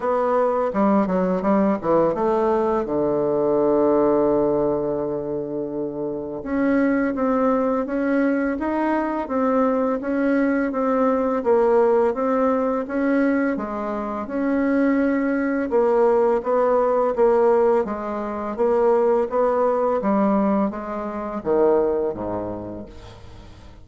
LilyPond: \new Staff \with { instrumentName = "bassoon" } { \time 4/4 \tempo 4 = 84 b4 g8 fis8 g8 e8 a4 | d1~ | d4 cis'4 c'4 cis'4 | dis'4 c'4 cis'4 c'4 |
ais4 c'4 cis'4 gis4 | cis'2 ais4 b4 | ais4 gis4 ais4 b4 | g4 gis4 dis4 gis,4 | }